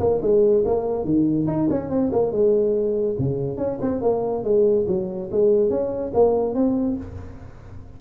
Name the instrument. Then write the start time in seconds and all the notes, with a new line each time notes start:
tuba
0.00 A#3
0.22 G#3
0.66 A#3
1.05 D#3
1.47 D#4
1.71 C#4
1.90 C4
2.13 A#3
2.32 G#3
3.19 C#3
3.58 C#4
3.81 C4
4.02 A#3
4.44 G#3
4.88 F#3
5.31 G#3
5.70 C#4
6.14 A#3
6.55 C4